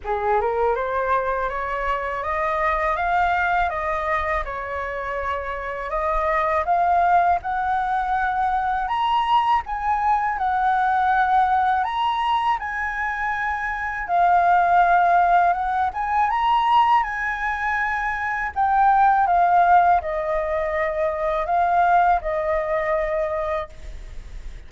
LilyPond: \new Staff \with { instrumentName = "flute" } { \time 4/4 \tempo 4 = 81 gis'8 ais'8 c''4 cis''4 dis''4 | f''4 dis''4 cis''2 | dis''4 f''4 fis''2 | ais''4 gis''4 fis''2 |
ais''4 gis''2 f''4~ | f''4 fis''8 gis''8 ais''4 gis''4~ | gis''4 g''4 f''4 dis''4~ | dis''4 f''4 dis''2 | }